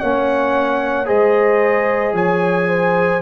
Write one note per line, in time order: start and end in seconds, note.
0.00 1.10 A#3
0.00 1.06 C#4
0.00 1.08 C#5
0.00 1.07 F#5
1.06 2.13 G#3
1.06 3.20 G#4
1.06 2.15 C5
1.06 2.15 D#5
2.13 3.21 F3
2.13 2.69 C#5
2.13 3.22 G#5
2.69 3.22 C5